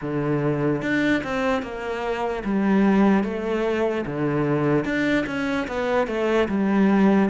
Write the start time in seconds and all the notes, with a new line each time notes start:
0.01 D3
0.82 D4
1.23 C4
1.62 A#3
2.44 G3
3.23 A3
4.05 D3
4.84 D4
5.26 C#4
5.67 B3
6.07 A3
6.48 G3